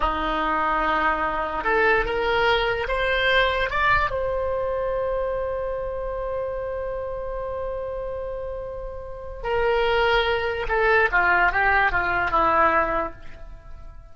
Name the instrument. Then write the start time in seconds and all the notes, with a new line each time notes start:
oboe
0.00 D#4
1.64 A4
2.05 A#4
2.87 C5
3.70 D5
4.10 C5
9.43 A#4
10.68 A4
11.11 F4
11.52 G4
11.91 F4
12.30 E4